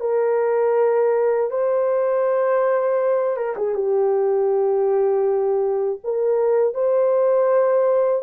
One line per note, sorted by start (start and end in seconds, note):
0.00 1.50 A#4
1.50 3.36 C5
3.36 3.55 A#4
3.56 3.74 G#4
3.74 5.99 G4
6.03 6.74 A#4
6.74 8.22 C5